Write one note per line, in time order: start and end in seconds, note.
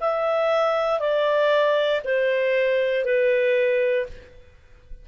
0.00 0.99 E5
0.99 2.01 D5
2.04 3.05 C5
3.05 4.06 B4